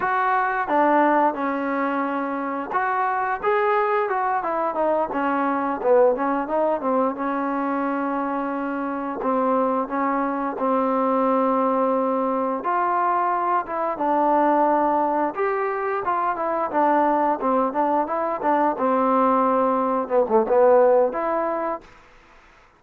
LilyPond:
\new Staff \with { instrumentName = "trombone" } { \time 4/4 \tempo 4 = 88 fis'4 d'4 cis'2 | fis'4 gis'4 fis'8 e'8 dis'8 cis'8~ | cis'8 b8 cis'8 dis'8 c'8 cis'4.~ | cis'4. c'4 cis'4 c'8~ |
c'2~ c'8 f'4. | e'8 d'2 g'4 f'8 | e'8 d'4 c'8 d'8 e'8 d'8 c'8~ | c'4. b16 a16 b4 e'4 | }